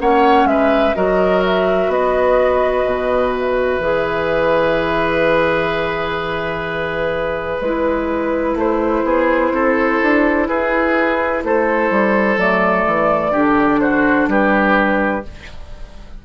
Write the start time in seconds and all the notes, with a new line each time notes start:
0.00 A#3 C#4 C#5 F#5
0.45 G#3 B4 E5
0.95 F#3 F#4 A#4 D#5
1.45 E5
1.88 B3 B4 D#5
2.85 B2
3.34 E5
3.79 E3 G#4
7.61 G#3 E4 B4
8.56 A3 C5
9.04 B3 G#4
9.52 C4 A4
10.03 D4
10.48 E4 G#4 B4
11.44 A3 A4 C5
11.90 G3
12.37 F#3 A3 D5
12.87 E3
13.32 D3 D4 G4
13.81 F#4 C5
14.28 G3 G4 B4